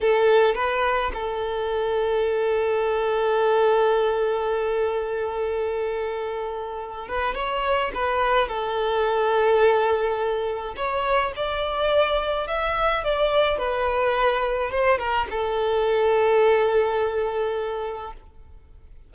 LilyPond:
\new Staff \with { instrumentName = "violin" } { \time 4/4 \tempo 4 = 106 a'4 b'4 a'2~ | a'1~ | a'1~ | a'8 b'8 cis''4 b'4 a'4~ |
a'2. cis''4 | d''2 e''4 d''4 | b'2 c''8 ais'8 a'4~ | a'1 | }